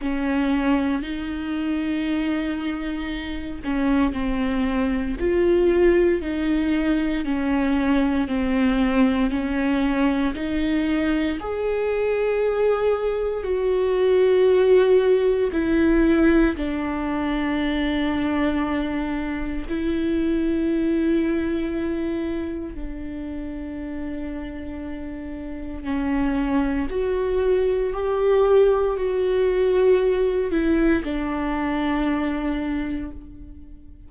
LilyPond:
\new Staff \with { instrumentName = "viola" } { \time 4/4 \tempo 4 = 58 cis'4 dis'2~ dis'8 cis'8 | c'4 f'4 dis'4 cis'4 | c'4 cis'4 dis'4 gis'4~ | gis'4 fis'2 e'4 |
d'2. e'4~ | e'2 d'2~ | d'4 cis'4 fis'4 g'4 | fis'4. e'8 d'2 | }